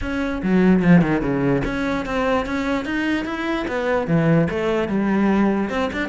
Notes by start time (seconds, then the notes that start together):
0.01 C#4
0.42 F#3
0.82 F3
1.01 D#3
1.21 C#3
1.64 C#4
2.05 C4
2.45 C#4
2.85 D#4
3.25 E4
3.67 B3
4.07 E3
4.50 A3
4.88 G3
5.69 C4
5.92 D4